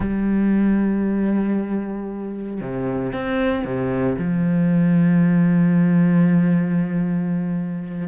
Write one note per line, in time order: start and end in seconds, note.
0.00 2.60 G3
2.60 3.13 C3
3.13 3.64 C4
3.64 4.16 C3
4.18 8.08 F3